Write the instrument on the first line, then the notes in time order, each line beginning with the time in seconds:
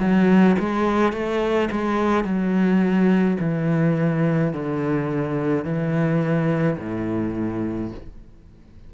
cello
0.00 F#3
0.60 G#3
1.13 A3
1.72 G#3
2.24 F#3
3.40 E3
4.53 D3
5.65 E3
6.79 A2